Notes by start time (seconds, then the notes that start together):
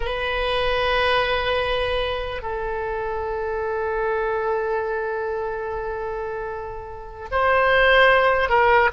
0.00 B4
2.41 A4
7.31 C5
8.49 A#4